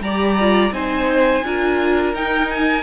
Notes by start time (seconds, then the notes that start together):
0.00 G3 G4 D5 A#5
0.39 F4
0.71 C4 D#4 C5 G#5
1.43 D4 F4 A#4
2.13 D#4 G5
2.50 G#5